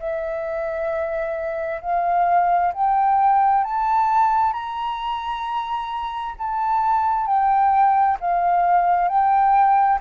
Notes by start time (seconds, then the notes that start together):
0.00 E5
1.82 F5
2.74 G5
3.64 A5
4.54 A#5
6.39 A5
7.27 G5
8.21 F5
9.09 G5